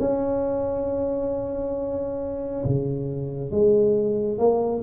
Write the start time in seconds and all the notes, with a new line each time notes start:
0.00 C#4
2.65 C#3
3.51 G#3
4.38 A#3